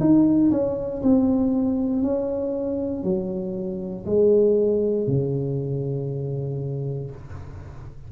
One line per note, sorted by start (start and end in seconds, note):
0.00 0.51 D#4
0.52 1.03 C#4
1.03 2.02 C4
2.02 3.04 C#4
3.04 4.05 F#3
4.06 5.08 G#3
5.08 7.11 C#3